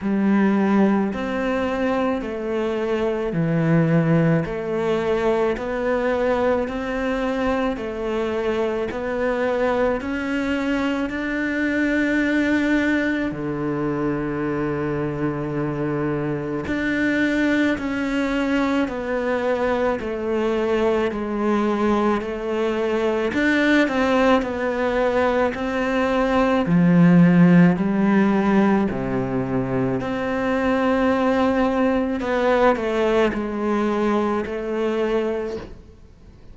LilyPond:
\new Staff \with { instrumentName = "cello" } { \time 4/4 \tempo 4 = 54 g4 c'4 a4 e4 | a4 b4 c'4 a4 | b4 cis'4 d'2 | d2. d'4 |
cis'4 b4 a4 gis4 | a4 d'8 c'8 b4 c'4 | f4 g4 c4 c'4~ | c'4 b8 a8 gis4 a4 | }